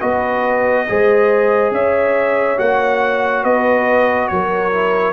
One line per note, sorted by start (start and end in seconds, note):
0.00 0.89 B3
0.00 0.87 F#4
0.00 0.86 B4
0.00 1.72 D#5
0.89 1.72 G#3
0.89 2.57 G#4
0.89 1.75 C5
1.72 2.57 C#4
1.72 3.44 C#5
1.72 2.59 E5
2.57 3.45 A#3
2.57 4.72 F#4
2.57 3.45 F#5
3.44 4.30 B3
3.44 4.30 B4
3.44 4.29 D#5
4.29 5.13 F#3
4.29 5.13 A#4
4.29 5.13 C#5
4.72 5.13 E4